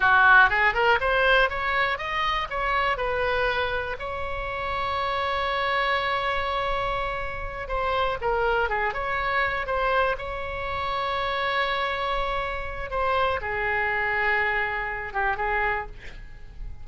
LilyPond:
\new Staff \with { instrumentName = "oboe" } { \time 4/4 \tempo 4 = 121 fis'4 gis'8 ais'8 c''4 cis''4 | dis''4 cis''4 b'2 | cis''1~ | cis''2.~ cis''8 c''8~ |
c''8 ais'4 gis'8 cis''4. c''8~ | c''8 cis''2.~ cis''8~ | cis''2 c''4 gis'4~ | gis'2~ gis'8 g'8 gis'4 | }